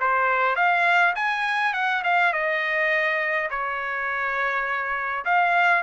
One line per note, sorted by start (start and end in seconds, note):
0.00 0.56 C5
0.56 1.14 F5
1.15 1.73 G#5
1.73 2.02 F#5
2.04 2.33 F5
2.33 3.49 D#5
3.50 5.25 C#5
5.25 5.83 F5